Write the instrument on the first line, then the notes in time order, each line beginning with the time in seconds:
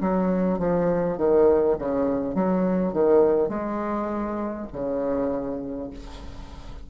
bassoon
0.00 F#3
0.58 F3
1.17 D#3
1.79 C#3
2.34 F#3
2.93 D#3
3.48 G#3
4.72 C#3